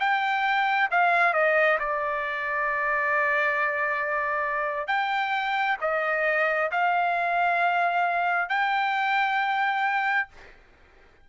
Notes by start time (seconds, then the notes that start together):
0.00 G5
0.92 F5
1.34 D#5
1.80 D5
4.88 G5
5.82 D#5
6.72 F5
8.50 G5